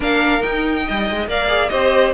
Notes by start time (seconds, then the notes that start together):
0.00 A#3 D4 A#4 F5
0.40 D#4 G5
0.85 G3 D#5
1.10 G#3
1.27 A#3 A#4 D5 F5
1.47 G#4
1.69 C4 G4 C5 D#5